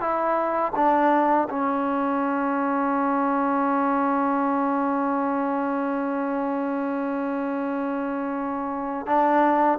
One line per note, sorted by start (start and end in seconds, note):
0.00 0.72 E4
0.76 1.48 D4
1.50 9.06 C#4
9.06 9.79 D4